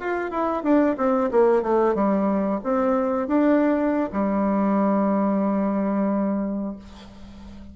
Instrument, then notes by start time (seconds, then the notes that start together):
bassoon
0.00 F4
0.31 E4
0.63 D4
0.97 C4
1.31 A#3
1.62 A3
1.95 G3
2.64 C4
3.28 D4
4.12 G3